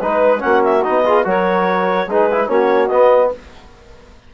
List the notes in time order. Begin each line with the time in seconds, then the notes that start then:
0.00 G#3 D#4 B4
0.39 A#3 C#4 F#4 F#5
0.65 E5
0.83 B3 D#4 D#5
1.06 F4 G#4
1.25 F#3 F#4 A#4 C#5
2.07 G#3 D#4 G#4 B4
2.32 E4
2.48 A#3 C#4 F#4 C#5
2.88 B3 D#5